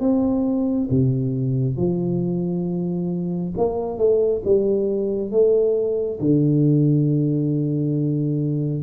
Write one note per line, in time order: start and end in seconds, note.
0.00 0.88 C4
0.90 1.76 C3
1.76 3.53 F3
3.57 3.98 A#3
3.98 4.42 A3
4.44 5.31 G3
5.31 6.19 A3
6.20 8.83 D3